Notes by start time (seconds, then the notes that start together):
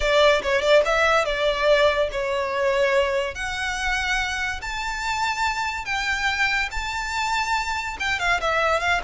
0.00 D5
0.42 C#5
0.61 D5
0.85 E5
1.25 D5
2.11 C#5
3.35 F#5
4.61 A5
5.85 G5
6.71 A5
7.99 G5
8.19 F5
8.40 E5
8.80 F5